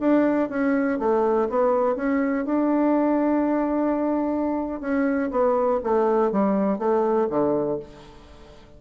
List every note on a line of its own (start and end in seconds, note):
0.00 0.50 D4
0.50 0.99 C#4
0.99 1.49 A3
1.49 1.96 B3
1.96 2.45 C#4
2.45 4.81 D4
4.81 5.31 C#4
5.31 5.81 B3
5.84 6.32 A3
6.32 6.79 G3
6.79 7.28 A3
7.30 7.80 D3